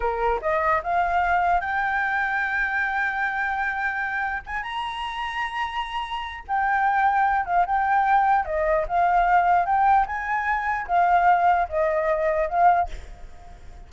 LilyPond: \new Staff \with { instrumentName = "flute" } { \time 4/4 \tempo 4 = 149 ais'4 dis''4 f''2 | g''1~ | g''2. gis''8 ais''8~ | ais''1 |
g''2~ g''8 f''8 g''4~ | g''4 dis''4 f''2 | g''4 gis''2 f''4~ | f''4 dis''2 f''4 | }